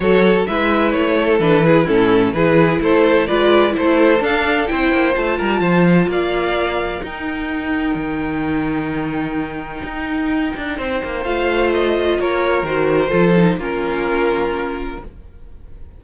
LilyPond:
<<
  \new Staff \with { instrumentName = "violin" } { \time 4/4 \tempo 4 = 128 cis''4 e''4 cis''4 b'4 | a'4 b'4 c''4 d''4 | c''4 f''4 g''4 a''4~ | a''4 f''2 g''4~ |
g''1~ | g''1 | f''4 dis''4 cis''4 c''4~ | c''4 ais'2. | }
  \new Staff \with { instrumentName = "violin" } { \time 4/4 a'4 b'4. a'4 gis'8 | e'4 gis'4 a'4 b'4 | a'2 c''4. ais'8 | c''4 d''2 ais'4~ |
ais'1~ | ais'2. c''4~ | c''2 ais'2 | a'4 f'2. | }
  \new Staff \with { instrumentName = "viola" } { \time 4/4 fis'4 e'2 d'8 e'8 | cis'4 e'2 f'4 | e'4 d'4 e'4 f'4~ | f'2. dis'4~ |
dis'1~ | dis'1 | f'2. fis'4 | f'8 dis'8 cis'2. | }
  \new Staff \with { instrumentName = "cello" } { \time 4/4 fis4 gis4 a4 e4 | a,4 e4 a4 gis4 | a4 d'4 c'8 ais8 a8 g8 | f4 ais2 dis'4~ |
dis'4 dis2.~ | dis4 dis'4. d'8 c'8 ais8 | a2 ais4 dis4 | f4 ais2. | }
>>